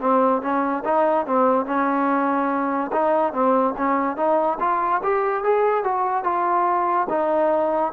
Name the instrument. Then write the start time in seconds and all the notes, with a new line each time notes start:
trombone
0.00 C4
0.41 C#4
0.84 D#4
1.26 C4
1.66 C#4
2.92 D#4
3.33 C4
3.77 C#4
4.16 D#4
4.59 F4
5.03 G4
5.44 G#4
5.84 F#4
6.24 F4
7.09 D#4